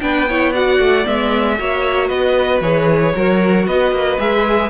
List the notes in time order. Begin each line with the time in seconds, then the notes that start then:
0.00 B3 D4 B4 G5
0.28 E4 C#5
0.52 F#4 D5 F#5
0.79 A3
1.03 G#3 B3 E5
1.58 A#3 F#4 C#5
2.08 B3 B4 D#5
2.61 E3 G#4 C#5
3.15 F#3 F#4 A#4
3.67 B3 B4 D#5
3.91 A#3
4.18 G#3 G#4 E5